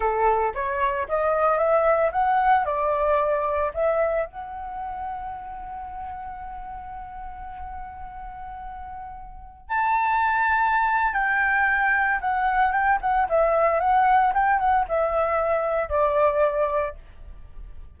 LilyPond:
\new Staff \with { instrumentName = "flute" } { \time 4/4 \tempo 4 = 113 a'4 cis''4 dis''4 e''4 | fis''4 d''2 e''4 | fis''1~ | fis''1~ |
fis''2~ fis''16 a''4.~ a''16~ | a''4 g''2 fis''4 | g''8 fis''8 e''4 fis''4 g''8 fis''8 | e''2 d''2 | }